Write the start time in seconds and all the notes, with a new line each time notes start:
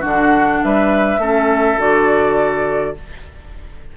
0.00 D3 D4 F#4
0.07 F#5
0.63 G3 B4 E5
1.17 A3 C#4 A4
1.78 D3 F#4 D5